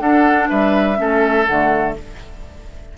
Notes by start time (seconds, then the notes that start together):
0.00 D4 A4 F#5
0.49 G3 B4 E5
0.96 A3 C#4 A4
1.46 D3 A3 F#5